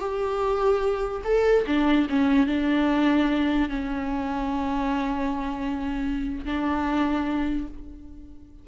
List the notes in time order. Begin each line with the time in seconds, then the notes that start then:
0.00 G4
1.24 A4
1.67 D4
2.09 C#4
2.47 D4
3.69 C#4
6.45 D4